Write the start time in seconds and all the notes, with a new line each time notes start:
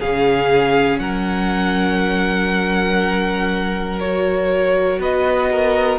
0.00 C#3 C#4 G#4 F5
0.99 F#3 A#4 F#5
4.00 F#4 C#5
4.98 B3 B4 D#5
5.51 A#4